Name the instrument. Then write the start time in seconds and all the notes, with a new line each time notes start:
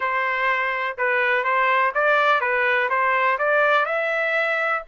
trumpet
0.00 C5
0.97 B4
1.44 C5
1.94 D5
2.40 B4
2.89 C5
3.38 D5
3.85 E5